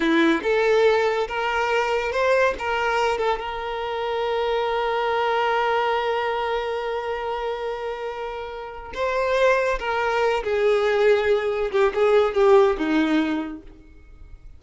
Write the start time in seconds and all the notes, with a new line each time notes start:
0.00 E4
0.42 A4
1.28 A#4
2.12 C5
2.58 A#4
3.18 A4
3.39 A#4
8.93 C5
9.79 A#4
10.43 G#4
11.71 G4
11.94 G#4
12.34 G4
12.77 D#4